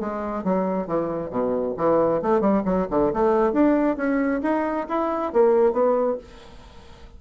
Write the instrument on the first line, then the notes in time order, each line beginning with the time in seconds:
bassoon
0.00 G#3
0.44 F#3
0.87 E3
1.31 B2
1.77 E3
2.22 A3
2.41 G3
2.65 F#3
2.90 D3
3.13 A3
3.53 D4
3.97 C#4
4.43 D#4
4.88 E4
5.33 A#3
5.73 B3